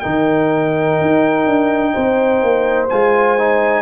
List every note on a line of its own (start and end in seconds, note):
0.00 1.01 D#3
0.00 2.89 D#4
0.00 1.93 A#4
0.00 2.86 G5
1.01 1.46 D#4
1.46 1.94 D4
1.93 2.42 C4
1.93 3.83 C5
2.42 2.90 A#3
2.89 3.83 G#3
2.89 3.38 F4
2.89 3.83 G#5
3.38 3.83 D#4